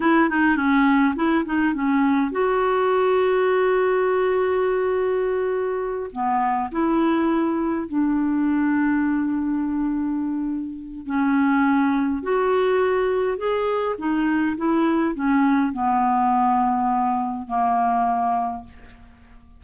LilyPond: \new Staff \with { instrumentName = "clarinet" } { \time 4/4 \tempo 4 = 103 e'8 dis'8 cis'4 e'8 dis'8 cis'4 | fis'1~ | fis'2~ fis'8 b4 e'8~ | e'4. d'2~ d'8~ |
d'2. cis'4~ | cis'4 fis'2 gis'4 | dis'4 e'4 cis'4 b4~ | b2 ais2 | }